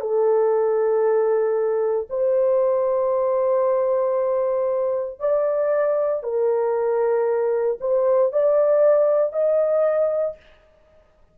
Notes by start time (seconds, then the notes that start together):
0.00 A4
2.09 C5
5.19 D5
6.23 A#4
7.80 C5
8.32 D5
9.32 D#5